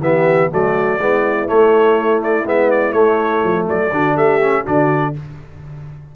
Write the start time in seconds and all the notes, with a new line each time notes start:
0.00 E3 B3 G4 E5
0.50 F#3 A3 F#4 D5
0.98 G#3 B3 E4
1.47 A3 C#5
2.23 D5
2.45 G#3 B3 E5
2.70 D5
2.92 A3 C#5
3.44 F3
3.69 F#3 A4 D5
3.92 D3 D4 F#4
4.14 A3 G4 E5
4.41 C#4
4.63 D3 D4 F#4 D5